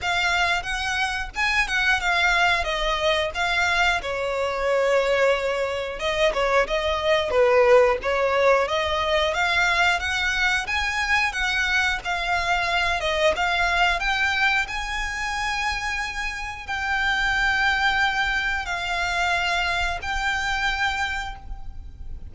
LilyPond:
\new Staff \with { instrumentName = "violin" } { \time 4/4 \tempo 4 = 90 f''4 fis''4 gis''8 fis''8 f''4 | dis''4 f''4 cis''2~ | cis''4 dis''8 cis''8 dis''4 b'4 | cis''4 dis''4 f''4 fis''4 |
gis''4 fis''4 f''4. dis''8 | f''4 g''4 gis''2~ | gis''4 g''2. | f''2 g''2 | }